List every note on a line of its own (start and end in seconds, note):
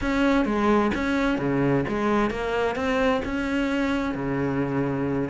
0.01 0.45 C#4
0.45 0.91 G#3
0.94 1.38 C#4
1.38 1.84 C#3
1.88 2.30 G#3
2.30 2.75 A#3
2.75 3.21 C4
3.25 4.14 C#4
4.14 5.29 C#3